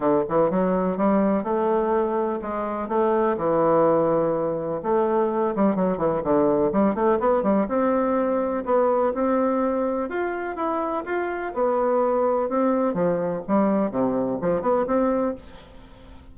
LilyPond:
\new Staff \with { instrumentName = "bassoon" } { \time 4/4 \tempo 4 = 125 d8 e8 fis4 g4 a4~ | a4 gis4 a4 e4~ | e2 a4. g8 | fis8 e8 d4 g8 a8 b8 g8 |
c'2 b4 c'4~ | c'4 f'4 e'4 f'4 | b2 c'4 f4 | g4 c4 f8 b8 c'4 | }